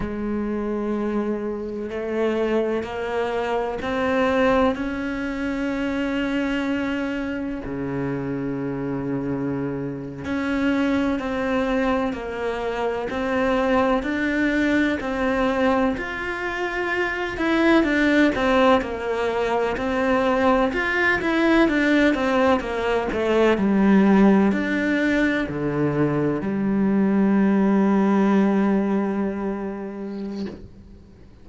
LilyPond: \new Staff \with { instrumentName = "cello" } { \time 4/4 \tempo 4 = 63 gis2 a4 ais4 | c'4 cis'2. | cis2~ cis8. cis'4 c'16~ | c'8. ais4 c'4 d'4 c'16~ |
c'8. f'4. e'8 d'8 c'8 ais16~ | ais8. c'4 f'8 e'8 d'8 c'8 ais16~ | ais16 a8 g4 d'4 d4 g16~ | g1 | }